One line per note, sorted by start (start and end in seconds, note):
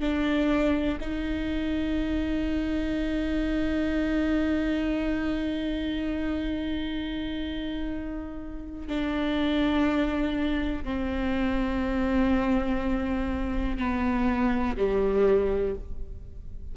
0.00 0.98 D4
1.01 8.87 D#4
8.87 10.84 D4
10.84 13.78 C4
13.78 14.77 B3
14.77 15.75 G3